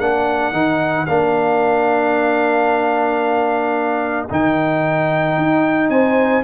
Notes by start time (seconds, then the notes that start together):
0.00 A#3 D4 A#4 F#5
0.52 D#3 D#4
1.06 A#3 D4 F5
4.30 D#3 D#4 G5
5.37 D#4
5.89 C4 C5 G#5